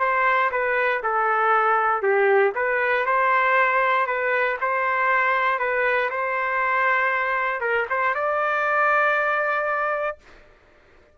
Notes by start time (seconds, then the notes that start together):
0.00 C5
0.52 B4
1.04 A4
2.03 G4
2.55 B4
3.06 C5
4.07 B4
4.61 C5
5.59 B4
6.11 C5
7.61 A#4
7.90 C5
8.15 D5